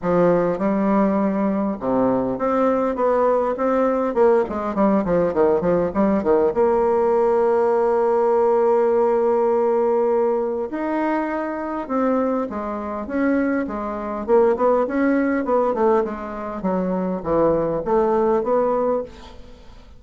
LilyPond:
\new Staff \with { instrumentName = "bassoon" } { \time 4/4 \tempo 4 = 101 f4 g2 c4 | c'4 b4 c'4 ais8 gis8 | g8 f8 dis8 f8 g8 dis8 ais4~ | ais1~ |
ais2 dis'2 | c'4 gis4 cis'4 gis4 | ais8 b8 cis'4 b8 a8 gis4 | fis4 e4 a4 b4 | }